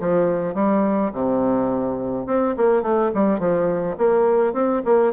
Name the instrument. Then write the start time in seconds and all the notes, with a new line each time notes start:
bassoon
0.00 F3
0.54 G3
1.12 C3
2.26 C4
2.57 A#3
2.82 A3
3.14 G3
3.39 F3
3.98 A#3
4.53 C4
4.84 A#3